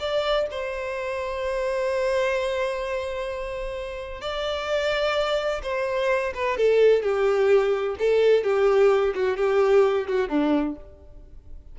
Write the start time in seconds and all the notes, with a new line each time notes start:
0.00 D5
0.51 C5
4.21 D5
5.63 C5
6.35 B4
6.58 A4
7.03 G4
7.99 A4
8.44 G4
9.15 F#4
9.37 G4
10.08 F#4
10.29 D4